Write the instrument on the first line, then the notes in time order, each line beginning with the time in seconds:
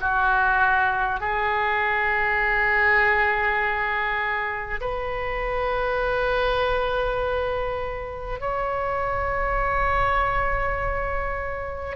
oboe
0.00 F#4
1.20 G#4
4.81 B4
8.40 C#5